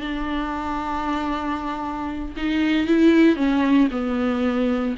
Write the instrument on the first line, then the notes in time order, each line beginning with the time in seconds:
viola
0.00 D4
2.36 D#4
2.87 E4
3.36 C#4
3.91 B3